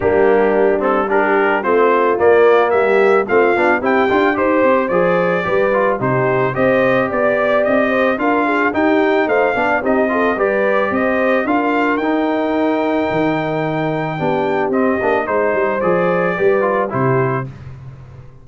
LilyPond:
<<
  \new Staff \with { instrumentName = "trumpet" } { \time 4/4 \tempo 4 = 110 g'4. a'8 ais'4 c''4 | d''4 e''4 f''4 g''4 | c''4 d''2 c''4 | dis''4 d''4 dis''4 f''4 |
g''4 f''4 dis''4 d''4 | dis''4 f''4 g''2~ | g''2. dis''4 | c''4 d''2 c''4 | }
  \new Staff \with { instrumentName = "horn" } { \time 4/4 d'2 g'4 f'4~ | f'4 g'4 f'4 g'4 | c''2 b'4 g'4 | c''4 d''4. c''8 ais'8 gis'8 |
g'4 c''8 d''8 g'8 a'8 b'4 | c''4 ais'2.~ | ais'2 g'2 | c''2 b'4 g'4 | }
  \new Staff \with { instrumentName = "trombone" } { \time 4/4 ais4. c'8 d'4 c'4 | ais2 c'8 d'8 e'8 f'8 | g'4 gis'4 g'8 f'8 dis'4 | g'2. f'4 |
dis'4. d'8 dis'8 f'8 g'4~ | g'4 f'4 dis'2~ | dis'2 d'4 c'8 d'8 | dis'4 gis'4 g'8 f'8 e'4 | }
  \new Staff \with { instrumentName = "tuba" } { \time 4/4 g2. a4 | ais4 g4 a8 b8 c'8 d'8 | dis'8 c'8 f4 g4 c4 | c'4 b4 c'4 d'4 |
dis'4 a8 b8 c'4 g4 | c'4 d'4 dis'2 | dis2 b4 c'8 ais8 | gis8 g8 f4 g4 c4 | }
>>